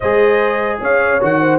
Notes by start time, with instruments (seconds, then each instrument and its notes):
0.00 tuba G#3, trombone G#4, horn C5, trumpet D#5
0.80 tuba C#4, horn C#5, trumpet F5
1.20 tuba D#3, trombone F#4, trumpet F#5
1.40 horn C5